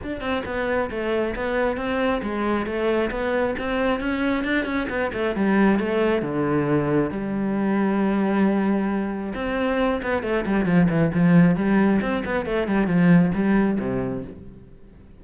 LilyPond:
\new Staff \with { instrumentName = "cello" } { \time 4/4 \tempo 4 = 135 d'8 c'8 b4 a4 b4 | c'4 gis4 a4 b4 | c'4 cis'4 d'8 cis'8 b8 a8 | g4 a4 d2 |
g1~ | g4 c'4. b8 a8 g8 | f8 e8 f4 g4 c'8 b8 | a8 g8 f4 g4 c4 | }